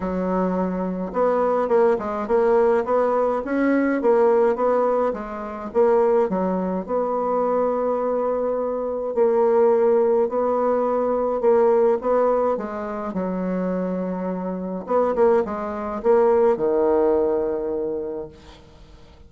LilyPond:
\new Staff \with { instrumentName = "bassoon" } { \time 4/4 \tempo 4 = 105 fis2 b4 ais8 gis8 | ais4 b4 cis'4 ais4 | b4 gis4 ais4 fis4 | b1 |
ais2 b2 | ais4 b4 gis4 fis4~ | fis2 b8 ais8 gis4 | ais4 dis2. | }